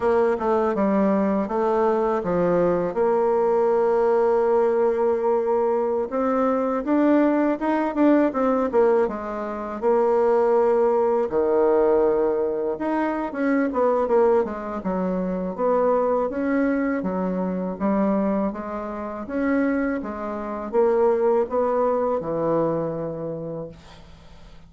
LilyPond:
\new Staff \with { instrumentName = "bassoon" } { \time 4/4 \tempo 4 = 81 ais8 a8 g4 a4 f4 | ais1~ | ais16 c'4 d'4 dis'8 d'8 c'8 ais16~ | ais16 gis4 ais2 dis8.~ |
dis4~ dis16 dis'8. cis'8 b8 ais8 gis8 | fis4 b4 cis'4 fis4 | g4 gis4 cis'4 gis4 | ais4 b4 e2 | }